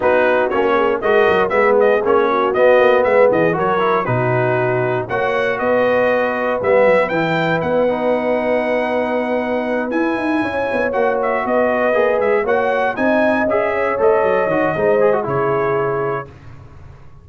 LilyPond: <<
  \new Staff \with { instrumentName = "trumpet" } { \time 4/4 \tempo 4 = 118 b'4 cis''4 dis''4 e''8 dis''8 | cis''4 dis''4 e''8 dis''8 cis''4 | b'2 fis''4 dis''4~ | dis''4 e''4 g''4 fis''4~ |
fis''2.~ fis''8 gis''8~ | gis''4. fis''8 e''8 dis''4. | e''8 fis''4 gis''4 e''4 dis''8~ | dis''2 cis''2 | }
  \new Staff \with { instrumentName = "horn" } { \time 4/4 fis'4. gis'8 ais'4 gis'4~ | gis'8 fis'4. b'8 gis'8 ais'4 | fis'2 cis''4 b'4~ | b'1~ |
b'1~ | b'8 cis''2 b'4.~ | b'8 cis''4 dis''4. cis''4~ | cis''4 c''4 gis'2 | }
  \new Staff \with { instrumentName = "trombone" } { \time 4/4 dis'4 cis'4 fis'4 b4 | cis'4 b2 fis'8 e'8 | dis'2 fis'2~ | fis'4 b4 e'4. dis'8~ |
dis'2.~ dis'8 e'8~ | e'4. fis'2 gis'8~ | gis'8 fis'4 dis'4 gis'4 a'8~ | a'8 fis'8 dis'8 gis'16 fis'16 e'2 | }
  \new Staff \with { instrumentName = "tuba" } { \time 4/4 b4 ais4 gis8 fis8 gis4 | ais4 b8 ais8 gis8 e8 fis4 | b,2 ais4 b4~ | b4 g8 fis8 e4 b4~ |
b2.~ b8 e'8 | dis'8 cis'8 b8 ais4 b4 ais8 | gis8 ais4 c'4 cis'4 a8 | fis8 dis8 gis4 cis2 | }
>>